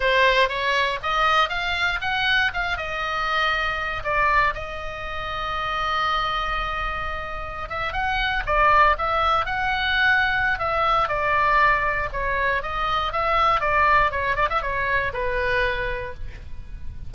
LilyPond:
\new Staff \with { instrumentName = "oboe" } { \time 4/4 \tempo 4 = 119 c''4 cis''4 dis''4 f''4 | fis''4 f''8 dis''2~ dis''8 | d''4 dis''2.~ | dis''2.~ dis''16 e''8 fis''16~ |
fis''8. d''4 e''4 fis''4~ fis''16~ | fis''4 e''4 d''2 | cis''4 dis''4 e''4 d''4 | cis''8 d''16 e''16 cis''4 b'2 | }